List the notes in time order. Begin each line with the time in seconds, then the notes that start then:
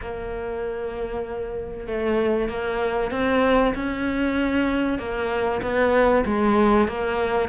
0.01 A#3
1.87 A3
2.49 A#3
3.11 C4
3.75 C#4
4.98 A#3
5.62 B3
6.25 G#3
6.88 A#3